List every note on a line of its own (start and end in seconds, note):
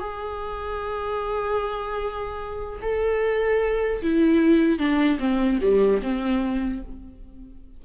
0.00 2.80 G#4
2.82 4.02 A4
4.02 4.79 E4
4.79 5.19 D4
5.20 5.60 C4
5.62 6.02 G3
6.02 6.82 C4